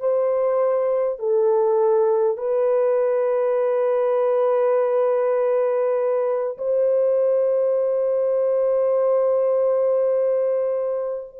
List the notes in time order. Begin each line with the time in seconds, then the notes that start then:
0.00 C5
1.19 A4
2.37 B4
6.58 C5